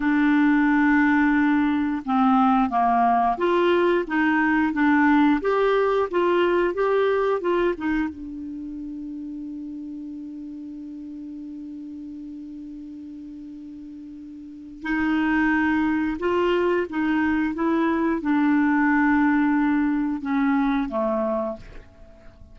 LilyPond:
\new Staff \with { instrumentName = "clarinet" } { \time 4/4 \tempo 4 = 89 d'2. c'4 | ais4 f'4 dis'4 d'4 | g'4 f'4 g'4 f'8 dis'8 | d'1~ |
d'1~ | d'2 dis'2 | f'4 dis'4 e'4 d'4~ | d'2 cis'4 a4 | }